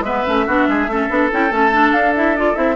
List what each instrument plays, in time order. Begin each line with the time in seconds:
0.00 bassoon G#3, clarinet B3, oboe B4, flute E5
0.26 bassoon A3, clarinet C#4
0.46 bassoon B3, clarinet D4, oboe F#4
0.67 bassoon G#3, oboe G#4
0.86 bassoon A3, clarinet C#4, oboe A4
1.09 bassoon B3, clarinet D4
1.31 bassoon C#4, clarinet E4, flute G5
1.49 bassoon A3, clarinet C#4, flute A5
1.72 clarinet D4
1.92 bassoon D4, flute F5
2.15 clarinet E4, flute E5
2.36 clarinet F4, flute D5
2.54 bassoon C4, clarinet E4, flute E5